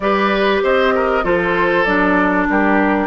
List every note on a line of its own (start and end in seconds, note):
0.00 0.61 G3
0.00 1.23 G4
0.00 0.63 B4
0.00 0.61 D5
0.63 1.24 C4
0.63 0.94 C5
0.63 1.24 D#5
0.94 1.24 A#4
1.23 1.86 F3
1.23 1.85 F4
1.23 2.47 A4
1.23 1.84 C5
1.84 2.47 F#3
1.84 3.07 D4
1.84 2.46 D5
2.48 3.07 G3
2.48 3.07 G4
2.48 3.07 A#4